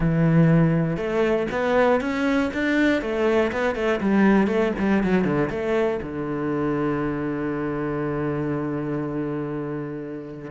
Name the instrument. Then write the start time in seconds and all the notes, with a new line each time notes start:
cello
0.00 E3
0.97 A3
1.51 B3
2.00 C#4
2.53 D4
3.01 A3
3.52 B3
3.75 A3
4.00 G3
4.47 A3
4.78 G3
5.03 F#3
5.24 D3
5.50 A3
6.02 D3